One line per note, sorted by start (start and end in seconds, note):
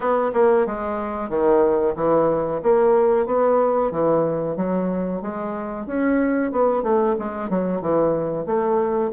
0.00 0.31 B3
0.33 0.66 A#3
0.66 1.29 G#3
1.29 1.94 D#3
1.95 2.61 E3
2.62 3.26 A#3
3.26 3.91 B3
3.91 4.56 E3
4.56 5.21 F#3
5.21 5.86 G#3
5.86 6.51 C#4
6.51 6.82 B3
6.82 7.15 A3
7.19 7.49 G#3
7.49 7.81 F#3
7.81 8.45 E3
8.45 9.11 A3